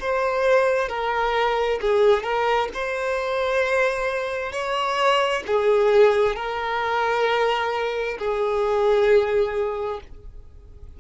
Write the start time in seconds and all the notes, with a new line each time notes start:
0.00 C5
0.88 A#4
1.81 G#4
2.23 A#4
2.74 C5
4.52 C#5
5.46 G#4
6.36 A#4
8.19 G#4